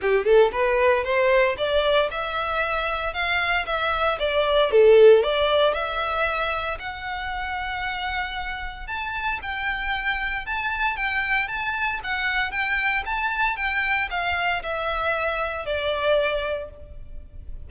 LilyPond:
\new Staff \with { instrumentName = "violin" } { \time 4/4 \tempo 4 = 115 g'8 a'8 b'4 c''4 d''4 | e''2 f''4 e''4 | d''4 a'4 d''4 e''4~ | e''4 fis''2.~ |
fis''4 a''4 g''2 | a''4 g''4 a''4 fis''4 | g''4 a''4 g''4 f''4 | e''2 d''2 | }